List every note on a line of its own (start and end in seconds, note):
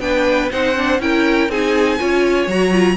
0.00 0.50 B3
0.00 0.50 D4
0.00 0.52 B4
0.00 0.50 G5
0.51 1.00 C4
0.51 0.75 D#4
0.51 1.02 C5
0.51 1.01 F#5
0.76 1.01 D4
1.00 1.49 C#4
1.00 1.50 E4
1.00 1.51 A#4
1.00 1.51 G5
1.49 1.98 C4
1.49 1.99 D#4
1.49 1.99 G#4
1.49 2.50 G#5
1.99 2.47 C#4
1.99 2.48 F4
1.99 2.97 C#5
2.47 2.97 F#3
2.47 2.72 F#4
2.47 2.97 A#5
2.72 2.97 F4